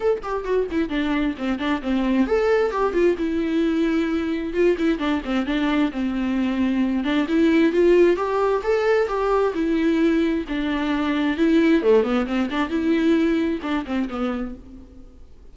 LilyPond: \new Staff \with { instrumentName = "viola" } { \time 4/4 \tempo 4 = 132 a'8 g'8 fis'8 e'8 d'4 c'8 d'8 | c'4 a'4 g'8 f'8 e'4~ | e'2 f'8 e'8 d'8 c'8 | d'4 c'2~ c'8 d'8 |
e'4 f'4 g'4 a'4 | g'4 e'2 d'4~ | d'4 e'4 a8 b8 c'8 d'8 | e'2 d'8 c'8 b4 | }